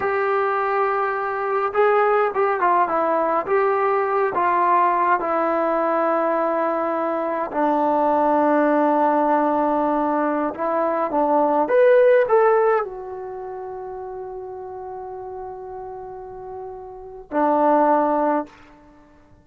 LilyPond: \new Staff \with { instrumentName = "trombone" } { \time 4/4 \tempo 4 = 104 g'2. gis'4 | g'8 f'8 e'4 g'4. f'8~ | f'4 e'2.~ | e'4 d'2.~ |
d'2~ d'16 e'4 d'8.~ | d'16 b'4 a'4 fis'4.~ fis'16~ | fis'1~ | fis'2 d'2 | }